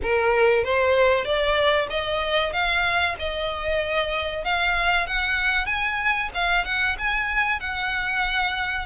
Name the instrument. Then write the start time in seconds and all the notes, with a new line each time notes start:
violin
0.02 A#4
0.64 C5
1.24 D5
1.90 D#5
2.52 F5
3.18 D#5
4.44 F5
5.06 F#5
5.66 G#5
6.34 F5
6.65 F#5
6.98 G#5
7.60 F#5